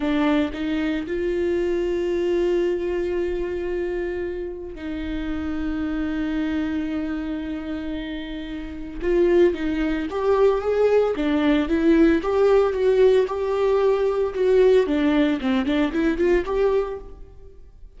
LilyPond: \new Staff \with { instrumentName = "viola" } { \time 4/4 \tempo 4 = 113 d'4 dis'4 f'2~ | f'1~ | f'4 dis'2.~ | dis'1~ |
dis'4 f'4 dis'4 g'4 | gis'4 d'4 e'4 g'4 | fis'4 g'2 fis'4 | d'4 c'8 d'8 e'8 f'8 g'4 | }